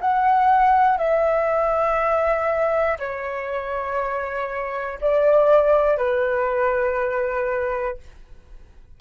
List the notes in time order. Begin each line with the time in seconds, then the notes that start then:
0.00 F#5
0.98 E5
2.99 C#5
5.01 D5
5.97 B4